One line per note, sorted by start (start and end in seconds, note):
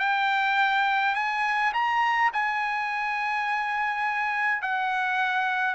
0.00 1.15 G5
1.16 1.73 G#5
1.74 2.32 A#5
2.33 4.62 G#5
4.62 5.75 F#5